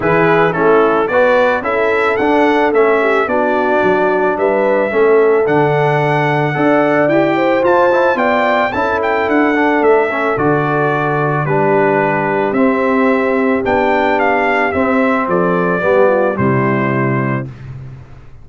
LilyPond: <<
  \new Staff \with { instrumentName = "trumpet" } { \time 4/4 \tempo 4 = 110 b'4 a'4 d''4 e''4 | fis''4 e''4 d''2 | e''2 fis''2~ | fis''4 g''4 a''4 g''4 |
a''8 g''8 fis''4 e''4 d''4~ | d''4 b'2 e''4~ | e''4 g''4 f''4 e''4 | d''2 c''2 | }
  \new Staff \with { instrumentName = "horn" } { \time 4/4 gis'4 e'4 b'4 a'4~ | a'4. g'8 fis'2 | b'4 a'2. | d''4. c''4. d''4 |
a'1~ | a'4 g'2.~ | g'1 | a'4 g'8 f'8 e'2 | }
  \new Staff \with { instrumentName = "trombone" } { \time 4/4 e'4 cis'4 fis'4 e'4 | d'4 cis'4 d'2~ | d'4 cis'4 d'2 | a'4 g'4 f'8 e'8 f'4 |
e'4. d'4 cis'8 fis'4~ | fis'4 d'2 c'4~ | c'4 d'2 c'4~ | c'4 b4 g2 | }
  \new Staff \with { instrumentName = "tuba" } { \time 4/4 e4 a4 b4 cis'4 | d'4 a4 b4 fis4 | g4 a4 d2 | d'4 e'4 f'4 b4 |
cis'4 d'4 a4 d4~ | d4 g2 c'4~ | c'4 b2 c'4 | f4 g4 c2 | }
>>